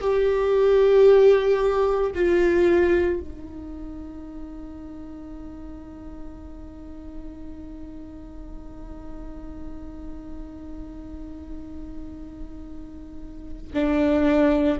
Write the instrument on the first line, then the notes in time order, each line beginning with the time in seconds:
viola
0.00 G4
2.14 F4
3.20 D#4
13.73 D4